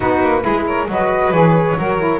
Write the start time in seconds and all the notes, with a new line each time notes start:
0.00 B3 D#4 F#4 B4
0.22 A#3
0.41 G#3 E4 G#4
0.66 A#4 C#5
0.88 F#3 F#4 B4 D#5
1.31 E3 G#4 C#5
1.77 F#3 F#4 A#4
1.98 E4